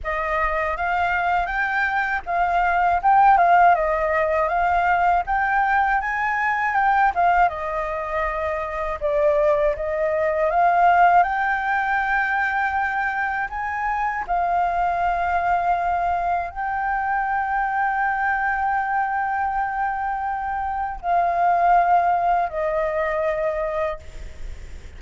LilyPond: \new Staff \with { instrumentName = "flute" } { \time 4/4 \tempo 4 = 80 dis''4 f''4 g''4 f''4 | g''8 f''8 dis''4 f''4 g''4 | gis''4 g''8 f''8 dis''2 | d''4 dis''4 f''4 g''4~ |
g''2 gis''4 f''4~ | f''2 g''2~ | g''1 | f''2 dis''2 | }